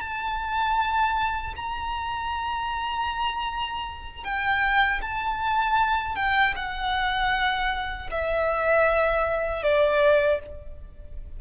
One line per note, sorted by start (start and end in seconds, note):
0.00 1.54 A5
1.56 4.23 A#5
4.23 5.00 G5
5.01 6.15 A5
6.15 6.53 G5
6.56 8.09 F#5
8.10 9.63 E5
9.63 10.40 D5